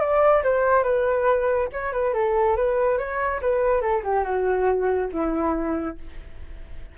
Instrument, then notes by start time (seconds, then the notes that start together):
flute
0.00 D5
0.43 C5
0.83 B4
1.72 C#5
1.92 B4
2.14 A4
2.56 B4
2.98 C#5
3.41 B4
3.81 A4
4.03 G4
4.24 F#4
5.12 E4